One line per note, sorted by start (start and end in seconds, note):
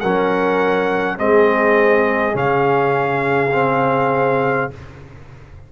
0.00 1.19 F#3
0.00 1.17 C#4
0.00 1.18 A#4
0.00 1.18 F#5
1.17 2.34 G#3
1.17 2.33 C4
1.17 4.71 G#4
1.17 2.36 D#5
2.33 4.70 C#3
2.33 3.50 C#4
2.33 4.72 F5
3.53 4.71 C4